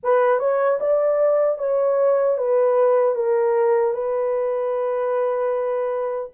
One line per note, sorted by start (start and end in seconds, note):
0.03 0.39 B4
0.39 0.79 C#5
0.79 1.58 D5
1.58 2.37 C#5
2.37 3.15 B4
3.15 3.93 A#4
3.93 6.30 B4